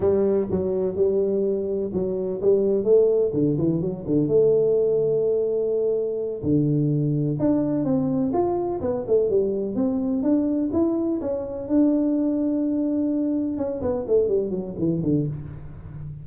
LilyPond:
\new Staff \with { instrumentName = "tuba" } { \time 4/4 \tempo 4 = 126 g4 fis4 g2 | fis4 g4 a4 d8 e8 | fis8 d8 a2.~ | a4. d2 d'8~ |
d'8 c'4 f'4 b8 a8 g8~ | g8 c'4 d'4 e'4 cis'8~ | cis'8 d'2.~ d'8~ | d'8 cis'8 b8 a8 g8 fis8 e8 d8 | }